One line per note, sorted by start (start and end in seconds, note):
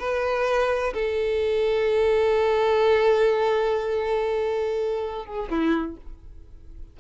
0.00 0.94 B4
0.94 5.26 A4
5.26 5.50 G#4
5.50 5.97 E4